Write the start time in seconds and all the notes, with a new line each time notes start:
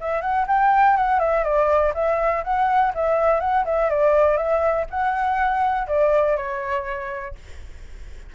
0.00 E5
0.21 F#5
0.47 G5
0.97 F#5
1.19 E5
1.44 D5
1.94 E5
2.44 F#5
2.94 E5
3.40 F#5
3.65 E5
3.89 D5
4.37 E5
4.90 F#5
5.87 D5
6.36 C#5